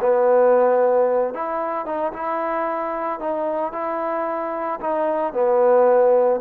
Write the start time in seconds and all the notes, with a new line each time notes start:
0.00 B3
1.34 E4
1.85 D#4
2.13 E4
3.19 D#4
3.72 E4
4.80 D#4
5.33 B3